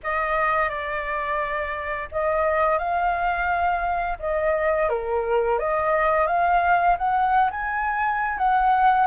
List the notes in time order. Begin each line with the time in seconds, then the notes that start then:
0.03 D#5
0.69 D5
2.11 D#5
2.78 F5
4.19 D#5
4.89 A#4
5.58 D#5
6.27 F5
6.98 F#5
7.50 G#5
8.38 F#5